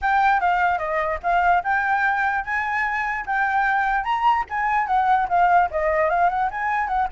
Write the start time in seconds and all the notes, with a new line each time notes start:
0.01 G5
0.40 F5
0.78 D#5
1.22 F5
1.63 G5
2.44 G#5
3.26 G5
4.04 A#5
4.49 G#5
4.86 F#5
5.29 F5
5.70 D#5
6.09 F5
6.29 F#5
6.50 G#5
6.87 F#5